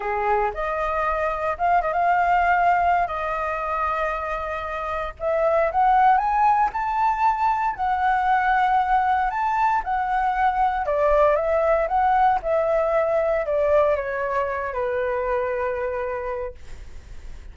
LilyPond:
\new Staff \with { instrumentName = "flute" } { \time 4/4 \tempo 4 = 116 gis'4 dis''2 f''8 dis''16 f''16~ | f''2 dis''2~ | dis''2 e''4 fis''4 | gis''4 a''2 fis''4~ |
fis''2 a''4 fis''4~ | fis''4 d''4 e''4 fis''4 | e''2 d''4 cis''4~ | cis''8 b'2.~ b'8 | }